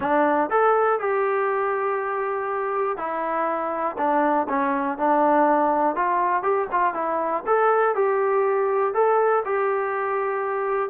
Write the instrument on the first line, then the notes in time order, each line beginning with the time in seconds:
trombone
0.00 D4
0.50 A4
0.99 G4
2.97 E4
3.97 D4
4.48 C#4
4.98 D4
5.95 F4
6.42 G4
6.71 F4
6.94 E4
7.46 A4
7.95 G4
8.94 A4
9.45 G4